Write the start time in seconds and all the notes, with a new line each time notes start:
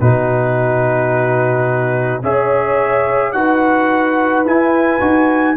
0.00 B2 D#4 F#4 B4
2.23 C#4 G#4 C#5 E5
3.32 D#4 F#4 B4 F#5
4.44 E4 G#5
5.00 D#4 F#4